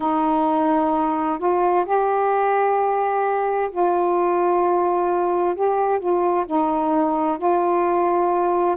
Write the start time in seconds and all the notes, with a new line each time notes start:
0.00 D#4
1.38 F4
1.85 G4
3.71 F4
5.55 G4
5.99 F4
6.46 D#4
7.38 F4